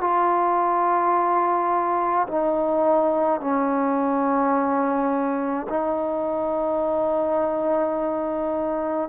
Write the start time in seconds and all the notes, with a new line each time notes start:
0.00 F4
2.27 D#4
3.40 C#4
5.69 D#4